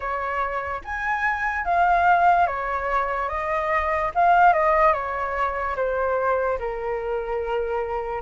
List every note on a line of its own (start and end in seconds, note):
0.00 0.81 C#5
0.84 1.64 G#5
1.64 2.46 F5
2.46 3.28 C#5
3.29 4.11 D#5
4.14 4.53 F5
4.53 4.93 D#5
4.93 5.75 C#5
5.76 6.58 C5
6.58 8.22 A#4